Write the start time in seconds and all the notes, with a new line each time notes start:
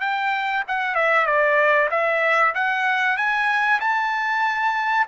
0.00 G5
0.67 F#5
0.95 E5
1.26 D5
1.91 E5
2.55 F#5
3.17 G#5
3.80 A5